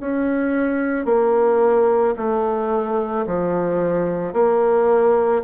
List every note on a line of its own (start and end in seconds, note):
0.00 1.05 C#4
1.05 2.14 A#3
2.17 3.26 A3
3.26 4.33 F3
4.33 5.42 A#3